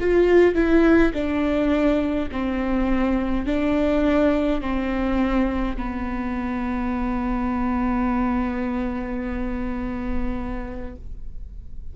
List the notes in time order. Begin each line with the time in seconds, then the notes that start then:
0.00 F4
0.55 E4
1.13 D4
2.32 C4
3.46 D4
4.61 C4
5.77 B3